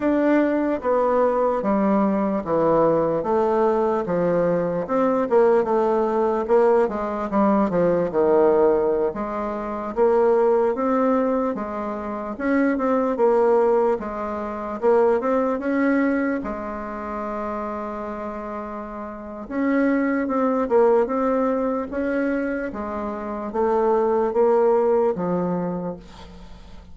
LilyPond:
\new Staff \with { instrumentName = "bassoon" } { \time 4/4 \tempo 4 = 74 d'4 b4 g4 e4 | a4 f4 c'8 ais8 a4 | ais8 gis8 g8 f8 dis4~ dis16 gis8.~ | gis16 ais4 c'4 gis4 cis'8 c'16~ |
c'16 ais4 gis4 ais8 c'8 cis'8.~ | cis'16 gis2.~ gis8. | cis'4 c'8 ais8 c'4 cis'4 | gis4 a4 ais4 f4 | }